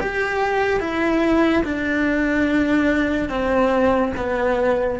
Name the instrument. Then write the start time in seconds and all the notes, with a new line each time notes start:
cello
0.00 G4
0.80 E4
1.64 D4
3.30 C4
4.17 B3